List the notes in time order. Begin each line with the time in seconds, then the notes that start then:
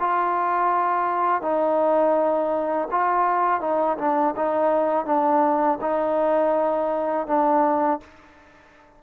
0.00 F4
1.42 D#4
2.91 F4
3.61 D#4
3.98 D4
4.36 D#4
5.06 D4
5.81 D#4
7.27 D4